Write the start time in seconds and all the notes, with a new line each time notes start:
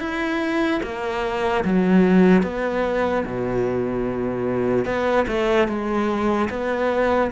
0.00 E4
0.83 A#3
1.65 F#3
2.43 B3
3.26 B2
4.85 B3
5.28 A3
5.68 G#3
6.50 B3